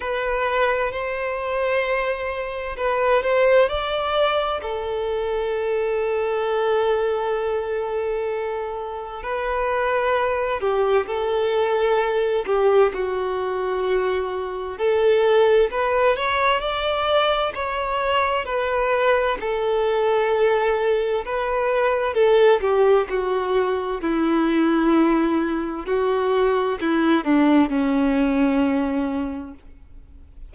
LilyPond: \new Staff \with { instrumentName = "violin" } { \time 4/4 \tempo 4 = 65 b'4 c''2 b'8 c''8 | d''4 a'2.~ | a'2 b'4. g'8 | a'4. g'8 fis'2 |
a'4 b'8 cis''8 d''4 cis''4 | b'4 a'2 b'4 | a'8 g'8 fis'4 e'2 | fis'4 e'8 d'8 cis'2 | }